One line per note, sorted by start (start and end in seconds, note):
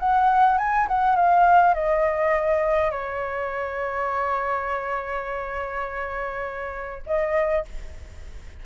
0.00 0.58 F#5
0.58 0.88 G#5
0.88 1.16 F#5
1.16 1.74 F5
1.74 2.91 D#5
2.91 7.03 C#5
7.07 7.66 D#5